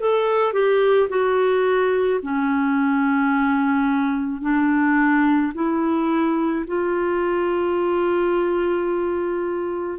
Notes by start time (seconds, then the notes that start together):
0.00 A4
0.54 G4
1.10 F#4
2.23 C#4
4.42 D4
5.55 E4
6.68 F4